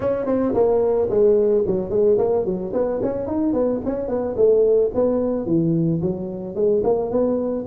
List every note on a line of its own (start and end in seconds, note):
0.00 0.26 C#4
0.26 0.53 C4
0.54 1.08 A#3
1.10 1.64 G#3
1.67 1.90 F#3
1.90 2.17 G#3
2.18 2.45 A#3
2.45 2.72 F#3
2.73 3.00 B3
3.02 3.27 C#4
3.27 3.53 D#4
3.53 3.80 B3
3.85 4.08 C#4
4.08 4.35 B3
4.36 4.90 A3
4.94 5.46 B3
5.46 6.00 E3
6.01 6.55 F#3
6.55 6.82 G#3
6.83 7.10 A#3
7.10 7.65 B3